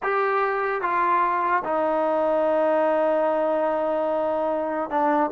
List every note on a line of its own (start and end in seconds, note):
0.02 0.81 G4
0.81 1.63 F4
1.64 4.89 D#4
4.89 5.30 D4